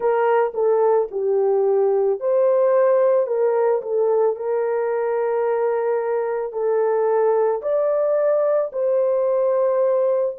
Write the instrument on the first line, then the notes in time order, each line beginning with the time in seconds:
horn
0.00 A#4
0.54 A4
1.11 G4
2.20 C5
3.27 A#4
3.82 A4
4.36 A#4
6.52 A4
7.62 D5
8.72 C5